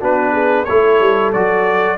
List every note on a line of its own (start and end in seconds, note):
0.00 0.68 B3
0.00 0.66 D4
0.00 0.33 F#4
0.00 0.65 B4
0.33 0.66 G#4
0.65 1.00 A3
0.65 1.34 E4
0.65 1.30 C#5
0.71 1.98 A4
1.00 1.33 G3
1.32 1.98 F#3
1.32 1.98 F#4
1.32 1.98 D5